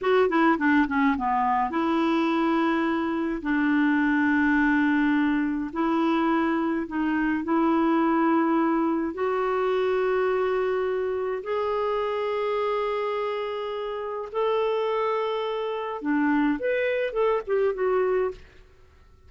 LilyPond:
\new Staff \with { instrumentName = "clarinet" } { \time 4/4 \tempo 4 = 105 fis'8 e'8 d'8 cis'8 b4 e'4~ | e'2 d'2~ | d'2 e'2 | dis'4 e'2. |
fis'1 | gis'1~ | gis'4 a'2. | d'4 b'4 a'8 g'8 fis'4 | }